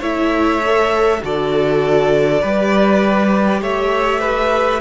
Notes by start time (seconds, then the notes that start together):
0.00 A3 E4 C#5 E5
0.66 A4
1.21 D3 F#4 A4 D5
2.41 G3 G4 B4
3.61 A3 C#5 E5
4.20 B4